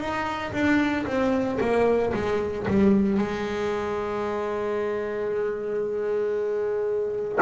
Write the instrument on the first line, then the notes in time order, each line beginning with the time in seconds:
double bass
0.00 D#4
0.53 D4
1.06 C4
1.60 A#3
2.14 G#3
2.68 G3
3.18 G#3